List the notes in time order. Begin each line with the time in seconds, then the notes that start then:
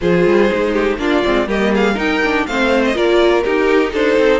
0.01 F3 F4 G#4 C5
0.25 G3
0.49 G#3 D#4
0.72 G4
0.97 A#3 D4 F4 D5
1.23 G#3 C4
1.47 G3 A#3 G4 D#5
1.73 G#4 F5
1.93 D#4 A#4 G5
2.24 D4
2.46 A3 C4 C5 F5
2.85 D#5
2.94 A#3 F4 A#4 D5
3.42 D#4 G4 A#4
3.92 D4 A4 C5
4.17 C4